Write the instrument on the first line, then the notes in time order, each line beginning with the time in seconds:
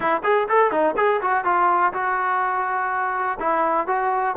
trombone
0.00 E4
0.23 G#4
0.48 A4
0.71 D#4
0.96 G#4
1.21 F#4
1.44 F4
1.93 F#4
3.39 E4
3.87 F#4